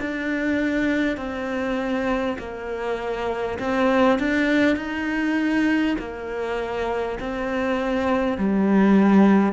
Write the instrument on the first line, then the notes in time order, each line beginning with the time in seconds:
cello
0.00 D4
1.17 C4
2.39 A#3
3.59 C4
4.19 D4
4.77 D#4
5.99 A#3
7.21 C4
8.38 G3